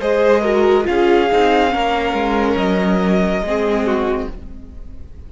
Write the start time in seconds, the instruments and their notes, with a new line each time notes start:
0.00 cello G#3, viola G#4, violin C5 D#5
0.42 viola F#4, violin A#4
0.84 cello C#4, viola F4, violin G#4 F5
1.31 cello C4, viola D#4
1.70 cello A#3, viola C#4, violin A#4
2.13 cello G#3
2.56 cello F#3, violin D#5
3.41 cello G#3, viola C4
3.47 violin G#4
3.86 violin F#4